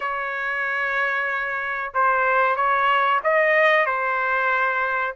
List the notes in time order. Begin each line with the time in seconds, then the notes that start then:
0.00 C#5
1.94 C5
2.55 C#5
3.23 D#5
3.85 C5